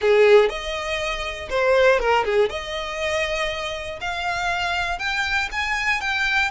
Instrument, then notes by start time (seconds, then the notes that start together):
violin
0.01 G#4
0.49 D#5
1.49 C5
1.99 A#4
2.25 G#4
2.49 D#5
4.00 F5
4.99 G5
5.51 G#5
6.00 G5